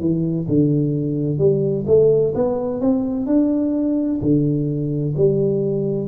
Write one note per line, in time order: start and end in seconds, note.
0.00 0.47 E3
0.48 1.38 D3
1.38 1.85 G3
1.87 2.34 A3
2.35 2.81 B3
2.81 3.26 C4
3.26 4.20 D4
4.21 5.15 D3
5.16 6.08 G3